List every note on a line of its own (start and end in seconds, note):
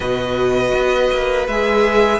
0.00 0.71 B2
0.00 1.49 F#4
0.00 2.19 B4
0.00 1.46 D#5
0.74 1.11 B3
1.12 1.47 A#3
1.47 2.19 G#3
1.47 2.19 G#4
1.47 2.19 E5